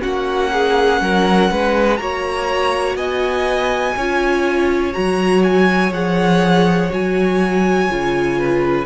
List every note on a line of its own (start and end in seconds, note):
0.00 1.01 A#3
0.00 1.97 C#4
0.00 0.50 F#4
0.00 1.97 F#5
0.53 1.02 G#4
1.01 1.51 F#3
1.01 1.51 A#4
1.51 2.00 G#3
1.51 2.00 B4
1.97 2.96 A#3
1.97 3.95 F#4
1.97 2.97 C#5
1.97 2.95 A#5
2.96 3.94 B3
2.96 3.95 D#5
2.96 4.94 G#5
3.97 4.95 C#4
3.97 4.93 F4
3.97 8.39 C#5
4.93 5.92 F#3
4.93 5.92 F#4
4.93 5.43 A#5
5.44 5.93 G#5
5.92 6.91 F3
5.92 6.90 G#4
5.92 6.92 F#5
6.90 7.90 F#3
6.90 7.89 F#4
6.90 8.86 G#5
7.90 8.86 C#3
7.90 8.86 F4
8.39 8.86 B4